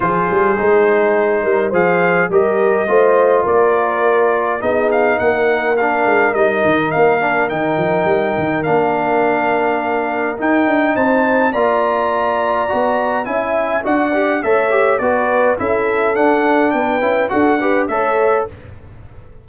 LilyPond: <<
  \new Staff \with { instrumentName = "trumpet" } { \time 4/4 \tempo 4 = 104 c''2. f''4 | dis''2 d''2 | dis''8 f''8 fis''4 f''4 dis''4 | f''4 g''2 f''4~ |
f''2 g''4 a''4 | ais''2. gis''4 | fis''4 e''4 d''4 e''4 | fis''4 g''4 fis''4 e''4 | }
  \new Staff \with { instrumentName = "horn" } { \time 4/4 gis'2~ gis'8 ais'8 c''4 | ais'4 c''4 ais'2 | gis'4 ais'2.~ | ais'1~ |
ais'2. c''4 | d''2. e''4 | d''4 cis''4 b'4 a'4~ | a'4 b'4 a'8 b'8 cis''4 | }
  \new Staff \with { instrumentName = "trombone" } { \time 4/4 f'4 dis'2 gis'4 | g'4 f'2. | dis'2 d'4 dis'4~ | dis'8 d'8 dis'2 d'4~ |
d'2 dis'2 | f'2 fis'4 e'4 | fis'8 g'8 a'8 g'8 fis'4 e'4 | d'4. e'8 fis'8 g'8 a'4 | }
  \new Staff \with { instrumentName = "tuba" } { \time 4/4 f8 g8 gis4. g8 f4 | g4 a4 ais2 | b4 ais4. gis8 g8 dis8 | ais4 dis8 f8 g8 dis8 ais4~ |
ais2 dis'8 d'8 c'4 | ais2 b4 cis'4 | d'4 a4 b4 cis'4 | d'4 b8 cis'8 d'4 a4 | }
>>